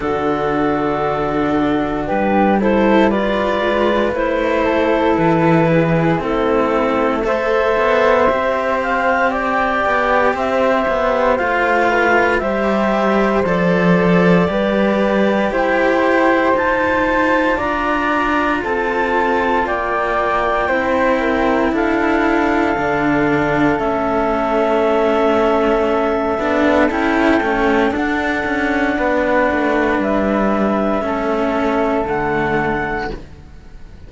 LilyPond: <<
  \new Staff \with { instrumentName = "clarinet" } { \time 4/4 \tempo 4 = 58 a'2 b'8 c''8 d''4 | c''4 b'4 a'4 e''4~ | e''8 f''8 g''4 e''4 f''4 | e''4 d''2 g''4 |
a''4 ais''4 a''4 g''4~ | g''4 f''2 e''4~ | e''2 g''4 fis''4~ | fis''4 e''2 fis''4 | }
  \new Staff \with { instrumentName = "flute" } { \time 4/4 fis'2 g'8 a'8 b'4~ | b'8 a'4 gis'8 e'4 c''4~ | c''4 d''4 c''4. b'8 | c''2 b'4 c''4~ |
c''4 d''4 a'4 d''4 | c''8 ais'8 a'2.~ | a'1 | b'2 a'2 | }
  \new Staff \with { instrumentName = "cello" } { \time 4/4 d'2~ d'8 e'8 f'4 | e'2 c'4 a'4 | g'2. f'4 | g'4 a'4 g'2 |
f'1 | e'2 d'4 cis'4~ | cis'4. d'8 e'8 cis'8 d'4~ | d'2 cis'4 a4 | }
  \new Staff \with { instrumentName = "cello" } { \time 4/4 d2 g4. gis8 | a4 e4 a4. b8 | c'4. b8 c'8 b8 a4 | g4 f4 g4 e'4 |
dis'4 d'4 c'4 ais4 | c'4 d'4 d4 a4~ | a4. b8 cis'8 a8 d'8 cis'8 | b8 a8 g4 a4 d4 | }
>>